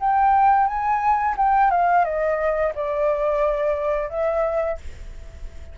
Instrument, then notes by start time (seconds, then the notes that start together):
flute
0.00 G5
0.67 G#5
1.37 G5
1.71 F5
2.05 D#5
2.75 D5
4.10 E5